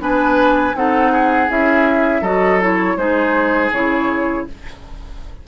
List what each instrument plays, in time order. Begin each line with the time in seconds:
0.00 bassoon B3, clarinet D4, oboe B4, flute G#5
0.75 bassoon C4, clarinet D#4, oboe A4, flute F#5
1.12 oboe G#4
1.49 bassoon C#4, clarinet E4, flute E5
2.22 bassoon F#3, clarinet F#4, oboe A4, flute D#5
2.61 clarinet E4, flute C#5
2.97 bassoon G#3, clarinet D#4, oboe G#4, flute C5
3.72 bassoon C#3, clarinet E4, flute C#5